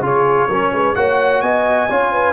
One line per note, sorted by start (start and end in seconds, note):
0.00 0.47 C#3
0.00 0.49 F4
0.00 0.49 G#4
0.06 0.95 C#5
0.49 0.72 F#3
0.49 0.96 C#4
0.49 0.72 A#4
0.72 0.96 G#3
0.72 0.96 B4
0.95 1.42 A#3
0.95 1.89 F#4
0.95 1.43 C#5
0.95 1.41 F#5
1.41 1.89 B3
1.41 1.90 D#5
1.41 2.33 G#5
1.90 2.33 C#4
1.90 2.33 F4
1.90 2.12 C#5
2.12 2.33 B4